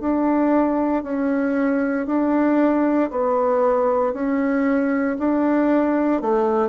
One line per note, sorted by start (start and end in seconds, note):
0.00 1.03 D4
1.03 2.06 C#4
2.06 3.10 D4
3.10 4.13 B3
4.13 5.17 C#4
5.19 6.22 D4
6.22 6.69 A3